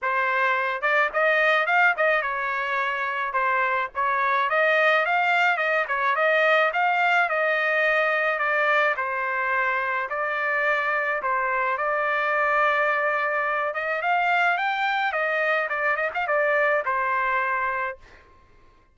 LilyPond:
\new Staff \with { instrumentName = "trumpet" } { \time 4/4 \tempo 4 = 107 c''4. d''8 dis''4 f''8 dis''8 | cis''2 c''4 cis''4 | dis''4 f''4 dis''8 cis''8 dis''4 | f''4 dis''2 d''4 |
c''2 d''2 | c''4 d''2.~ | d''8 dis''8 f''4 g''4 dis''4 | d''8 dis''16 f''16 d''4 c''2 | }